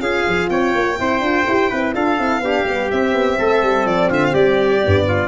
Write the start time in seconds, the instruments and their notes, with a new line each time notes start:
0.00 tuba C#4, horn F4, trumpet G#4, violin F5
0.28 tuba F3
0.49 tuba C4, trumpet C#5, violin G5
0.75 tuba A#3
0.98 tuba C4, horn E4, trumpet C5
1.20 tuba D4, horn F4
1.47 tuba E4, horn G4
1.70 tuba C4, horn E4, trumpet B4
1.94 tuba D4, horn F4, trumpet A4, violin F5
2.18 tuba C4, horn E4
2.39 tuba B3, horn D4, trumpet G4
2.64 tuba G3, horn B3
2.91 horn C4, tuba C4, violin E5
3.13 tuba B3
3.39 tuba A3, trumpet A4
3.62 tuba G3
3.85 tuba F3, violin D5
4.09 tuba D3, trumpet F4, violin E5
4.25 violin F5
4.33 tuba G3, trumpet G4, violin D5
4.82 tuba G2, horn B3
5.08 trumpet F4